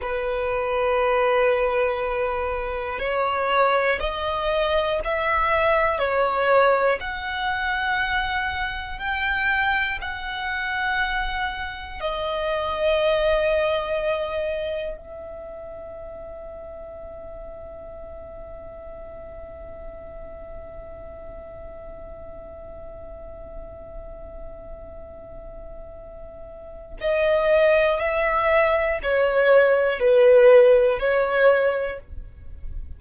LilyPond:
\new Staff \with { instrumentName = "violin" } { \time 4/4 \tempo 4 = 60 b'2. cis''4 | dis''4 e''4 cis''4 fis''4~ | fis''4 g''4 fis''2 | dis''2. e''4~ |
e''1~ | e''1~ | e''2. dis''4 | e''4 cis''4 b'4 cis''4 | }